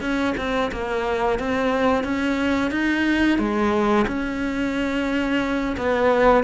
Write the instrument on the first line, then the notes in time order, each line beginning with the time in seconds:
cello
0.00 C#4
0.37 C4
0.71 A#3
1.39 C4
2.03 C#4
2.71 D#4
3.38 G#3
4.07 C#4
5.76 B3